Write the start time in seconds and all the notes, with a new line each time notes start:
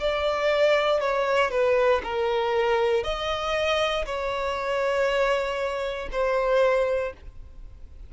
0.00 D5
1.00 C#5
1.51 B4
2.03 A#4
3.04 D#5
4.05 C#5
6.11 C5